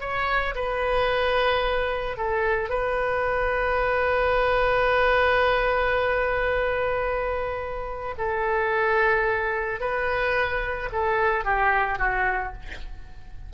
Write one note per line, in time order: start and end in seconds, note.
0.00 0.55 C#5
0.55 2.17 B4
2.17 2.70 A4
2.70 8.15 B4
8.18 9.80 A4
9.80 10.89 B4
10.92 11.45 A4
11.45 11.98 G4
11.98 12.53 F#4